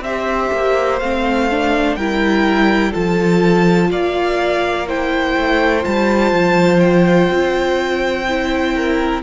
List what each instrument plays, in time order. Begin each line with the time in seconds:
0.00 cello C4, viola G4, violin C5 E5
0.53 cello A#3
1.00 cello A3, viola C4, violin F5
1.51 viola D4
1.96 cello G3, viola E4, violin A#4 G5
2.92 cello F3, viola F4, violin A4 A5
3.91 cello A#3, violin D5 F5
4.88 viola E4, violin C5 G5
5.37 cello A3
5.82 cello G3, viola F4, violin A5
6.32 cello F3
6.80 violin G5
7.30 cello C4
8.29 viola E4
8.76 violin A#4